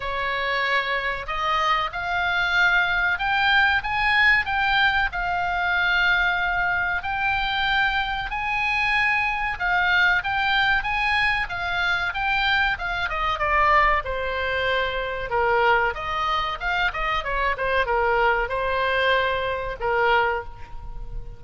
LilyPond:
\new Staff \with { instrumentName = "oboe" } { \time 4/4 \tempo 4 = 94 cis''2 dis''4 f''4~ | f''4 g''4 gis''4 g''4 | f''2. g''4~ | g''4 gis''2 f''4 |
g''4 gis''4 f''4 g''4 | f''8 dis''8 d''4 c''2 | ais'4 dis''4 f''8 dis''8 cis''8 c''8 | ais'4 c''2 ais'4 | }